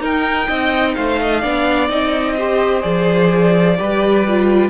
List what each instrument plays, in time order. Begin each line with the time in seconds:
0.00 cello D#4, viola D#4, violin A#4 G5
0.47 cello C4, violin D#5
0.94 cello A3, violin C5 F5
1.21 violin D#5
1.41 cello B3, viola D4, violin D5
1.89 cello C4, viola D#4, violin D#5
2.36 viola G4, violin C5
2.82 cello F3, viola G#4, violin D5
3.78 cello G3, viola G4, violin B4
4.27 viola F4